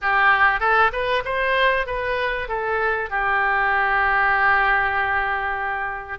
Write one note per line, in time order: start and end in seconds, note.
0.01 0.60 G4
0.60 0.91 A4
0.92 1.23 B4
1.25 1.86 C5
1.86 2.48 B4
2.48 3.10 A4
3.10 6.19 G4